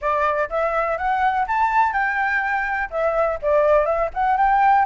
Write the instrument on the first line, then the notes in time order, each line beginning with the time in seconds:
flute
0.01 D5
0.49 E5
0.97 F#5
1.47 A5
1.92 G5
2.90 E5
3.41 D5
3.85 E5
4.13 F#5
4.37 G5